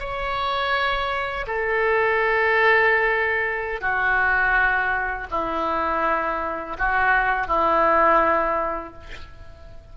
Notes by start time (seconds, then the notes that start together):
0.00 C#5
1.47 A4
3.81 F#4
5.31 E4
6.79 F#4
7.48 E4